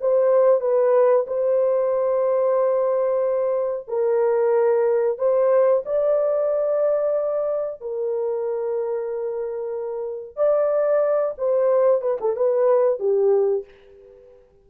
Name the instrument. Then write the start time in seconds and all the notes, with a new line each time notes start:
horn
0.00 C5
0.60 B4
1.27 C5
3.87 A#4
5.18 C5
5.85 D5
7.81 A#4
10.36 D5
11.37 C5
12.01 B4
12.20 A4
12.36 B4
12.99 G4